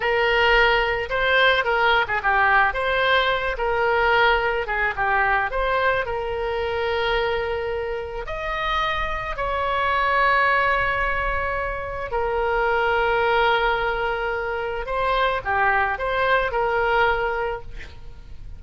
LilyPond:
\new Staff \with { instrumentName = "oboe" } { \time 4/4 \tempo 4 = 109 ais'2 c''4 ais'8. gis'16 | g'4 c''4. ais'4.~ | ais'8 gis'8 g'4 c''4 ais'4~ | ais'2. dis''4~ |
dis''4 cis''2.~ | cis''2 ais'2~ | ais'2. c''4 | g'4 c''4 ais'2 | }